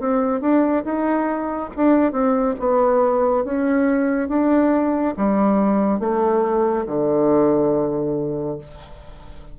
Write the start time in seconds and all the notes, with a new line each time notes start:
0.00 C4
0.41 D4
0.85 D#4
1.76 D4
2.12 C4
2.59 B3
3.45 C#4
4.29 D4
5.17 G3
6.00 A3
6.87 D3